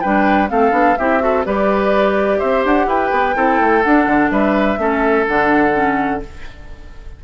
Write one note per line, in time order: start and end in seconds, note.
0.00 0.50 G3
0.00 0.48 D4
0.00 0.49 B4
0.00 0.48 G5
0.48 0.71 A3
0.48 0.71 C4
0.48 0.98 A4
0.48 0.96 F5
0.71 0.95 B3
0.71 0.95 D4
0.96 1.46 C4
0.96 1.20 E4
0.96 1.22 G4
0.96 1.44 E5
1.20 1.43 F#4
1.20 1.45 A4
1.45 2.41 G3
1.45 3.35 G4
1.45 2.38 B4
1.45 2.39 D5
2.38 2.64 C4
2.38 2.86 C5
2.38 2.63 E5
2.64 2.86 D4
2.64 2.89 F#5
2.86 3.10 E4
2.86 3.36 B4
2.86 3.82 G5
3.12 3.35 B3
3.35 3.60 C4
3.35 3.83 E4
3.35 4.31 A4
3.60 3.84 A3
3.82 4.78 D4
3.82 4.06 D4
3.82 4.30 F#5
4.06 4.30 D3
4.30 4.78 G3
4.30 4.79 B4
4.30 5.26 E5
4.78 5.25 A3
4.78 5.25 C#4
4.78 6.23 A4
5.27 6.24 D3
5.27 5.73 D4
5.27 6.22 F#5
5.73 6.21 C#4